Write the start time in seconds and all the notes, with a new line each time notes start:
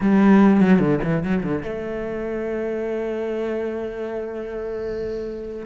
0.01 G3
0.60 F#3
0.79 D3
1.03 E3
1.23 F#3
1.43 D3
1.62 A3